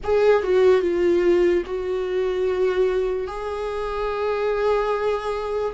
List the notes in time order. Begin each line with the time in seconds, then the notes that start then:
0.03 G#4
0.43 F#4
0.81 F4
1.65 F#4
3.27 G#4